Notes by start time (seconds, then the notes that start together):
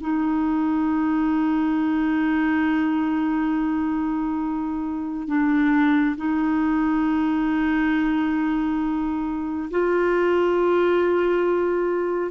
0.00 D#4
5.27 D4
6.16 D#4
9.71 F4